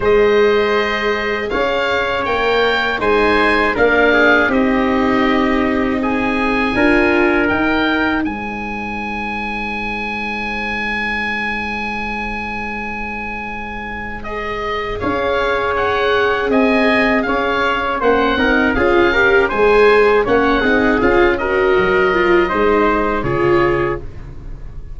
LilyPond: <<
  \new Staff \with { instrumentName = "oboe" } { \time 4/4 \tempo 4 = 80 dis''2 f''4 g''4 | gis''4 f''4 dis''2 | gis''2 g''4 gis''4~ | gis''1~ |
gis''2. dis''4 | f''4 fis''4 gis''4 f''4 | fis''4 f''4 gis''4 fis''4 | f''8 dis''2~ dis''8 cis''4 | }
  \new Staff \with { instrumentName = "trumpet" } { \time 4/4 c''2 cis''2 | c''4 ais'8 gis'8 g'2 | gis'4 ais'2 c''4~ | c''1~ |
c''1 | cis''2 dis''4 cis''4 | c''8 ais'8 gis'8 ais'8 c''4 cis''8 gis'8~ | gis'8 ais'4. c''4 gis'4 | }
  \new Staff \with { instrumentName = "viola" } { \time 4/4 gis'2. ais'4 | dis'4 d'4 dis'2~ | dis'4 f'4 dis'2~ | dis'1~ |
dis'2. gis'4~ | gis'1 | cis'8 dis'8 f'8 g'8 gis'4 cis'8 dis'8 | f'8 fis'4 f'8 dis'4 f'4 | }
  \new Staff \with { instrumentName = "tuba" } { \time 4/4 gis2 cis'4 ais4 | gis4 ais4 c'2~ | c'4 d'4 dis'4 gis4~ | gis1~ |
gis1 | cis'2 c'4 cis'4 | ais8 c'8 cis'4 gis4 ais8 c'8 | cis'4 fis4 gis4 cis4 | }
>>